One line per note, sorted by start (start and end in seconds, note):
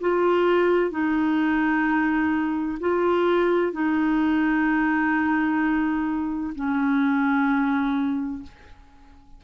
0.00 0.90 F4
0.90 2.78 D#4
2.80 3.72 F4
3.72 6.53 D#4
6.55 8.42 C#4